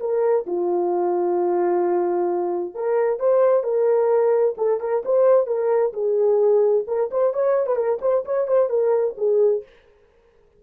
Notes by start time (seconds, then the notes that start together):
0.00 A#4
0.47 F4
2.75 A#4
3.20 C5
3.64 A#4
4.58 A4
4.80 A#4
5.05 C5
5.47 A#4
5.93 G#4
6.88 A#4
7.11 C5
7.34 C#5
7.67 B4
7.76 A#4
8.02 C5
8.25 C#5
8.48 C5
8.70 A#4
9.18 G#4